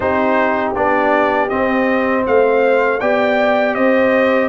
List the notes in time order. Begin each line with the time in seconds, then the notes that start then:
0.00 C4 D#4 G4 C5
0.75 B3 D4 D5
1.49 C4 D#5
2.26 A3 C5 F5
3.00 B3 G4 D5 G5
3.74 C4 C5 D#5